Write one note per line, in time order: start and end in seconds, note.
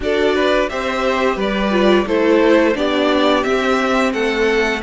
0.00 0.69 D4
0.00 0.68 F#4
0.00 0.35 A4
0.00 0.69 D5
0.35 0.69 B4
0.68 1.36 C4
0.68 1.70 G4
0.68 1.36 C5
0.68 1.38 E5
1.36 2.05 G3
1.36 2.05 B4
1.36 2.07 D5
1.70 2.05 F4
2.05 2.74 A3
2.05 2.75 E4
2.05 2.76 A4
2.05 2.76 C5
2.75 3.44 B3
2.75 3.42 D4
2.75 4.13 G4
2.75 3.43 D5
3.42 4.80 C4
3.42 4.13 C4
3.42 4.12 E5
4.12 4.82 A3
4.12 4.82 A4
4.12 4.81 F#5